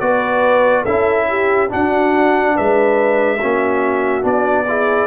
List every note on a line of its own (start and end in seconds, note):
0.00 0.86 B3
0.00 0.85 F#4
0.00 0.83 B4
0.00 0.85 D5
0.83 1.71 C#4
0.83 1.69 E4
0.83 1.25 A4
0.83 1.70 E5
1.29 1.70 G4
1.69 3.38 D4
1.69 2.58 D4
1.69 2.54 F#4
1.69 2.57 F#5
2.55 3.42 G#3
2.55 3.38 B4
2.55 4.26 E5
3.38 4.24 A#3
3.38 4.22 C#4
3.38 4.65 F#4
4.22 5.07 B3
4.22 4.64 D4
4.22 5.07 D5
4.68 5.07 E4
4.68 5.07 G#4